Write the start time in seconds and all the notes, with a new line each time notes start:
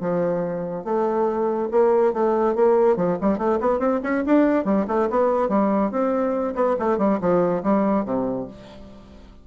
0.00 F3
0.84 A3
1.71 A#3
2.13 A3
2.55 A#3
2.96 F3
3.21 G3
3.38 A3
3.60 B3
3.79 C4
4.03 C#4
4.26 D4
4.65 G3
4.87 A3
5.10 B3
5.49 G3
5.91 C4
6.55 B3
6.79 A3
6.98 G3
7.20 F3
7.63 G3
8.05 C3